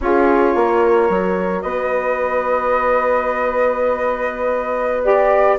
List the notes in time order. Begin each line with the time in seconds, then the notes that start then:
0.00 C#4 F4 G#4 C#5
0.55 A#3 A#4
1.09 F#3 F#4
1.61 B3 B4 D#5
5.03 G4 D5